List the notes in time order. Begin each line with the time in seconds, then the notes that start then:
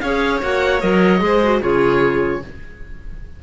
0.00 C#4 G#4 C#5 F5
0.41 A#3 F#4 F#5
0.79 F#3 A#4 D#5
1.19 G#3 G#4 C5
1.43 F#4
1.61 C#3 F4 G#4 C#5